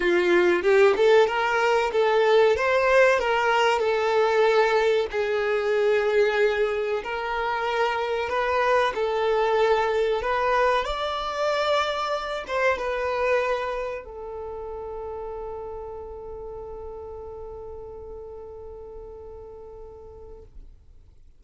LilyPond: \new Staff \with { instrumentName = "violin" } { \time 4/4 \tempo 4 = 94 f'4 g'8 a'8 ais'4 a'4 | c''4 ais'4 a'2 | gis'2. ais'4~ | ais'4 b'4 a'2 |
b'4 d''2~ d''8 c''8 | b'2 a'2~ | a'1~ | a'1 | }